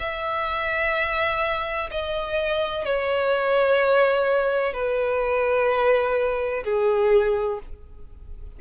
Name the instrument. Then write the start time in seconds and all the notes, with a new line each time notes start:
violin
0.00 E5
1.91 D#5
2.85 C#5
4.74 B4
6.65 G#4